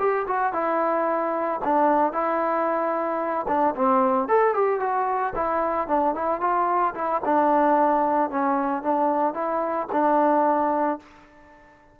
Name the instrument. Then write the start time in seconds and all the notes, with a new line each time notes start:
trombone
0.00 G4
0.27 F#4
0.54 E4
1.65 D4
2.13 E4
3.48 D4
3.76 C4
4.29 A4
4.55 G4
4.80 F#4
5.36 E4
5.88 D4
6.15 E4
6.41 F4
6.95 E4
7.25 D4
8.31 C#4
8.83 D4
9.35 E4
9.93 D4